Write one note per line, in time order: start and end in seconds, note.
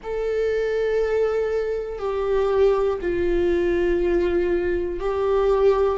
0.03 1.98 A4
1.98 2.98 G4
3.01 5.00 F4
5.00 5.98 G4